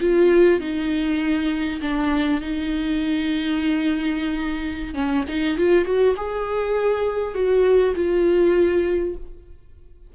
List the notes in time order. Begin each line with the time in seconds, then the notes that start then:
0.00 F4
0.60 D#4
1.81 D4
2.41 D#4
4.94 C#4
5.28 D#4
5.57 F4
5.85 F#4
6.17 G#4
7.34 F#4
7.95 F4